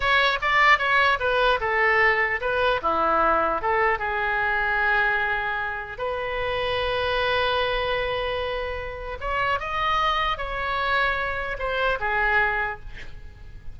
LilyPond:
\new Staff \with { instrumentName = "oboe" } { \time 4/4 \tempo 4 = 150 cis''4 d''4 cis''4 b'4 | a'2 b'4 e'4~ | e'4 a'4 gis'2~ | gis'2. b'4~ |
b'1~ | b'2. cis''4 | dis''2 cis''2~ | cis''4 c''4 gis'2 | }